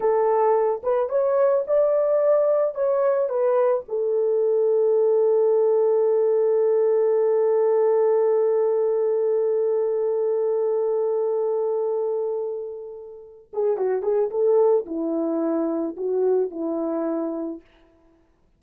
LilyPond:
\new Staff \with { instrumentName = "horn" } { \time 4/4 \tempo 4 = 109 a'4. b'8 cis''4 d''4~ | d''4 cis''4 b'4 a'4~ | a'1~ | a'1~ |
a'1~ | a'1~ | a'8 gis'8 fis'8 gis'8 a'4 e'4~ | e'4 fis'4 e'2 | }